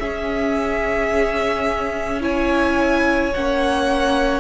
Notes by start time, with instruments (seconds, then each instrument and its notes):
0.00 cello C#4, viola C#4, violin G#4 E5
2.21 viola E4, violin C#5 G#5
3.34 cello A#3, viola C#4, violin F#5